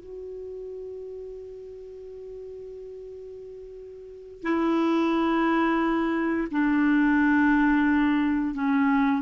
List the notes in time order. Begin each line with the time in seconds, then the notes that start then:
0.00 F#4
4.43 E4
6.51 D4
8.55 C#4